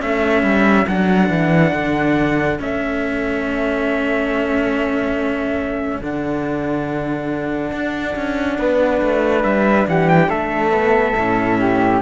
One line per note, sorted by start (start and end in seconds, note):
0.00 0.43 A3
0.00 0.86 C#4
0.00 8.57 A4
0.00 0.88 E5
0.43 0.86 G3
0.87 1.29 F#3
0.87 2.59 D4
0.87 2.59 F#5
1.29 1.72 E3
1.73 2.59 D3
2.59 6.00 A3
2.59 6.02 C#4
2.59 6.02 E5
6.00 7.72 D3
6.00 10.71 D4
6.00 9.43 F#5
7.72 8.15 D4
8.15 8.58 C#4
8.58 9.01 B3
8.58 9.87 B4
9.02 9.44 A3
9.43 9.87 G3
9.43 9.86 E5
9.87 10.28 E3
9.87 10.29 G4
9.87 10.09 F#5
10.09 10.30 G5
10.28 11.14 A3
10.28 11.58 A4
10.28 12.01 E5
10.71 11.13 B3
11.15 12.01 A2
11.15 12.02 C#4
11.59 12.02 G4